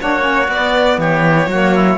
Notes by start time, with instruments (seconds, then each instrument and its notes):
0.00 cello A#3, saxophone D4, oboe F#4, violin C#5
0.20 saxophone C#4
0.48 cello B3, saxophone B3, violin D5
0.98 cello E3, oboe G4, violin C#5
1.47 cello F#3, saxophone A#3, oboe F#4
1.75 oboe E4